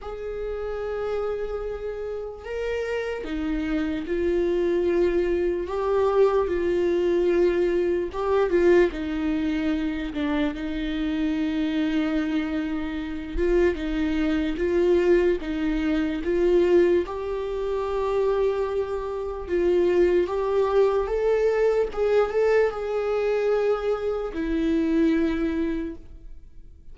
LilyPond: \new Staff \with { instrumentName = "viola" } { \time 4/4 \tempo 4 = 74 gis'2. ais'4 | dis'4 f'2 g'4 | f'2 g'8 f'8 dis'4~ | dis'8 d'8 dis'2.~ |
dis'8 f'8 dis'4 f'4 dis'4 | f'4 g'2. | f'4 g'4 a'4 gis'8 a'8 | gis'2 e'2 | }